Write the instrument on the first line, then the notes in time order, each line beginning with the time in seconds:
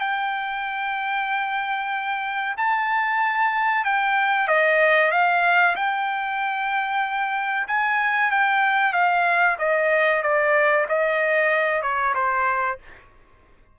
trumpet
0.00 G5
2.57 A5
3.85 G5
4.48 D#5
5.12 F5
5.76 G5
7.68 G#5
8.31 G5
8.93 F5
9.59 D#5
10.23 D5
10.89 D#5
11.82 C#5
12.15 C5